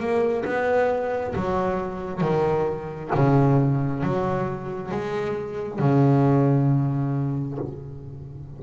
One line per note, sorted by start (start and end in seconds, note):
0.00 0.45 A#3
0.45 1.34 B3
1.36 2.21 F#3
2.21 3.11 D#3
3.15 4.03 C#3
4.03 4.92 F#3
4.92 5.79 G#3
5.79 7.58 C#3